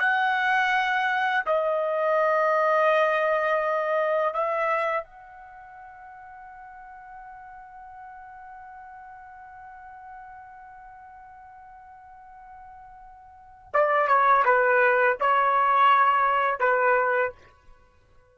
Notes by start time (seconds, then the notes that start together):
0.00 F#5
1.46 D#5
4.34 E5
5.04 F#5
13.74 D5
14.08 C#5
14.45 B4
15.20 C#5
16.60 B4